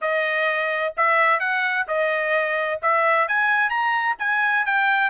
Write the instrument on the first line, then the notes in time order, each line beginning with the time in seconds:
trumpet
0.01 D#5
0.96 E5
1.39 F#5
1.87 D#5
2.82 E5
3.27 G#5
3.69 A#5
4.19 G#5
4.65 G5